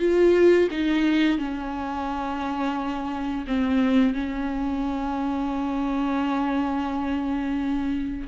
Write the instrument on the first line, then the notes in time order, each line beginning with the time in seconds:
viola
0.00 F4
0.71 D#4
1.39 C#4
3.47 C4
4.14 C#4